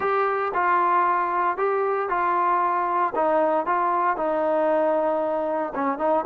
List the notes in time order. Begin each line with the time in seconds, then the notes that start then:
0.00 G4
0.54 F4
1.57 G4
2.09 F4
3.15 D#4
3.66 F4
4.16 D#4
5.74 C#4
5.98 D#4